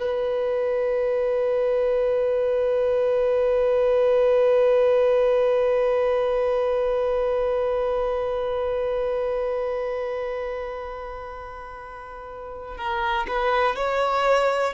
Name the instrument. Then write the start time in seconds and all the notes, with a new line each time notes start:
violin
0.00 B4
12.77 A#4
13.28 B4
13.76 C#5